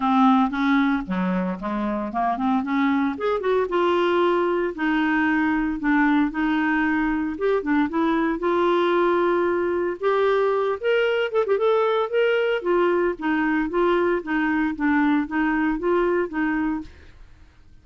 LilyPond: \new Staff \with { instrumentName = "clarinet" } { \time 4/4 \tempo 4 = 114 c'4 cis'4 fis4 gis4 | ais8 c'8 cis'4 gis'8 fis'8 f'4~ | f'4 dis'2 d'4 | dis'2 g'8 d'8 e'4 |
f'2. g'4~ | g'8 ais'4 a'16 g'16 a'4 ais'4 | f'4 dis'4 f'4 dis'4 | d'4 dis'4 f'4 dis'4 | }